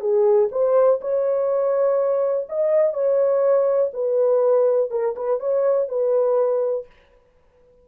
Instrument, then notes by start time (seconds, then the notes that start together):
horn
0.00 G#4
0.51 C5
1.01 C#5
2.49 D#5
2.93 C#5
3.93 B4
4.90 A#4
5.16 B4
5.39 C#5
5.88 B4